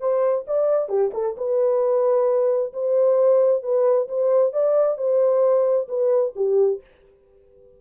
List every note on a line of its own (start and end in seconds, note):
0.00 0.45 C5
0.48 0.89 D5
0.89 1.12 G4
1.14 1.36 A4
1.37 2.73 B4
2.73 3.63 C5
3.63 4.08 B4
4.08 4.53 C5
4.53 4.98 D5
4.98 5.88 C5
5.88 6.33 B4
6.36 6.81 G4